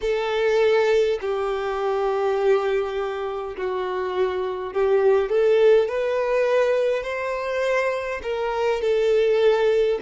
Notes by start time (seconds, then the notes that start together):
0.01 A4
1.21 G4
3.57 F#4
4.73 G4
5.29 A4
5.88 B4
7.03 C5
8.22 A#4
8.81 A4